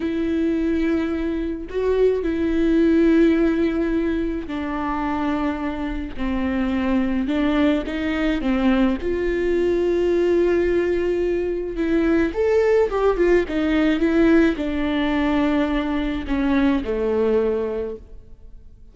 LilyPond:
\new Staff \with { instrumentName = "viola" } { \time 4/4 \tempo 4 = 107 e'2. fis'4 | e'1 | d'2. c'4~ | c'4 d'4 dis'4 c'4 |
f'1~ | f'4 e'4 a'4 g'8 f'8 | dis'4 e'4 d'2~ | d'4 cis'4 a2 | }